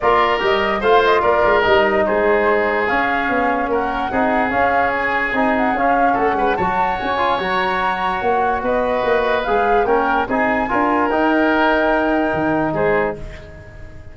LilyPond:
<<
  \new Staff \with { instrumentName = "flute" } { \time 4/4 \tempo 4 = 146 d''4 dis''4 f''8 dis''8 d''4 | dis''4 c''2 f''4~ | f''4 fis''2 f''4 | gis''4. fis''8 f''4 fis''4 |
a''4 gis''4 ais''2 | fis''4 dis''2 f''4 | g''4 gis''2 g''4~ | g''2. c''4 | }
  \new Staff \with { instrumentName = "oboe" } { \time 4/4 ais'2 c''4 ais'4~ | ais'4 gis'2.~ | gis'4 ais'4 gis'2~ | gis'2. a'8 b'8 |
cis''1~ | cis''4 b'2. | ais'4 gis'4 ais'2~ | ais'2. gis'4 | }
  \new Staff \with { instrumentName = "trombone" } { \time 4/4 f'4 g'4 f'2 | dis'2. cis'4~ | cis'2 dis'4 cis'4~ | cis'4 dis'4 cis'2 |
fis'4. f'8 fis'2~ | fis'2. gis'4 | cis'4 dis'4 f'4 dis'4~ | dis'1 | }
  \new Staff \with { instrumentName = "tuba" } { \time 4/4 ais4 g4 a4 ais8 gis8 | g4 gis2 cis'4 | b4 ais4 c'4 cis'4~ | cis'4 c'4 cis'4 a8 gis8 |
fis4 cis'4 fis2 | ais4 b4 ais4 gis4 | ais4 c'4 d'4 dis'4~ | dis'2 dis4 gis4 | }
>>